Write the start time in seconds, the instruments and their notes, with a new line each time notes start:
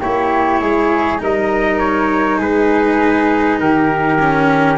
0.00 tuba A#3, cello E4, flute G4, trumpet C#5
0.61 tuba G#3, flute G#4
1.19 tuba G3, cello D#4, flute A#4, trumpet D#5
1.79 trumpet C#5
2.39 tuba G#3, flute G#4, trumpet B4
3.60 tuba D#3, flute G4, trumpet A#4
4.21 cello C#4